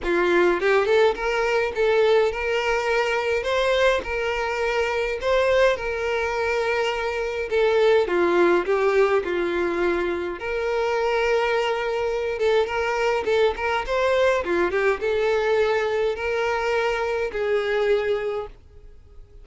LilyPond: \new Staff \with { instrumentName = "violin" } { \time 4/4 \tempo 4 = 104 f'4 g'8 a'8 ais'4 a'4 | ais'2 c''4 ais'4~ | ais'4 c''4 ais'2~ | ais'4 a'4 f'4 g'4 |
f'2 ais'2~ | ais'4. a'8 ais'4 a'8 ais'8 | c''4 f'8 g'8 a'2 | ais'2 gis'2 | }